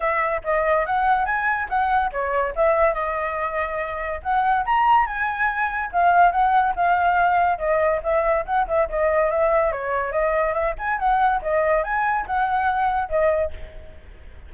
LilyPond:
\new Staff \with { instrumentName = "flute" } { \time 4/4 \tempo 4 = 142 e''4 dis''4 fis''4 gis''4 | fis''4 cis''4 e''4 dis''4~ | dis''2 fis''4 ais''4 | gis''2 f''4 fis''4 |
f''2 dis''4 e''4 | fis''8 e''8 dis''4 e''4 cis''4 | dis''4 e''8 gis''8 fis''4 dis''4 | gis''4 fis''2 dis''4 | }